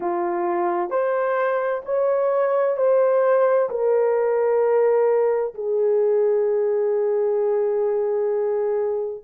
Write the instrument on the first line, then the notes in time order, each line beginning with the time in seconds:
horn
0.00 F4
0.90 C5
1.85 C#5
2.77 C5
3.69 A#4
5.54 G#4